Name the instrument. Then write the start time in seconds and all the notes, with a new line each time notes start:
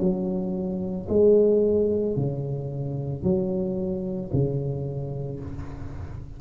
tuba
0.00 F#3
1.09 G#3
2.16 C#3
3.23 F#3
4.32 C#3